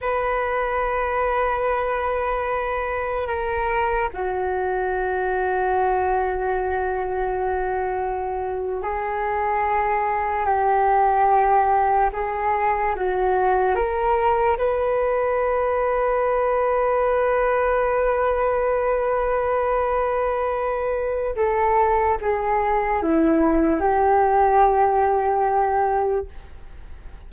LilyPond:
\new Staff \with { instrumentName = "flute" } { \time 4/4 \tempo 4 = 73 b'1 | ais'4 fis'2.~ | fis'2~ fis'8. gis'4~ gis'16~ | gis'8. g'2 gis'4 fis'16~ |
fis'8. ais'4 b'2~ b'16~ | b'1~ | b'2 a'4 gis'4 | e'4 g'2. | }